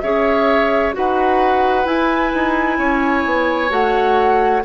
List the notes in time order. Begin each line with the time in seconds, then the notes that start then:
0.00 C#4 G#4 C#5 E5
0.92 D#4 F#4 B4 F#5
1.84 E4 G#5
2.34 D#4
2.78 C#4 C#5
3.25 B3
3.69 A3 F#4 F#5